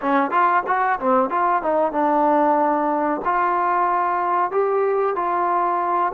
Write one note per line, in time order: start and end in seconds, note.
0.01 0.30 C#4
0.30 0.63 F4
0.66 0.99 F#4
0.99 1.30 C4
1.30 1.62 F4
1.62 1.92 D#4
1.92 3.21 D4
3.24 4.51 F4
4.51 5.15 G4
5.15 6.12 F4